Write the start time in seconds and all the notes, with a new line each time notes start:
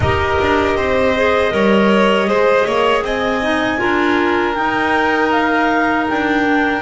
0.00 D#4 G4 A#4 D#5
0.41 D4
0.75 C4 C5
1.16 G#4
1.51 G3 A#4 C#5
2.26 G#3 G#4 C5
2.65 A#3 C#5
3.02 C4 D#5 G#5
3.41 D#4
3.77 D4 F4 A#4
4.54 D#4 G5
5.30 F5
6.08 D4 G5
6.45 D4